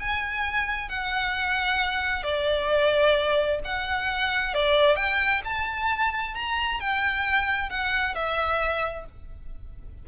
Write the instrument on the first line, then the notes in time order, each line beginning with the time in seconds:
violin
0.00 G#5
0.89 F#5
2.24 D5
3.65 F#5
4.54 D5
4.96 G5
5.45 A5
6.35 A#5
6.81 G5
7.70 F#5
8.15 E5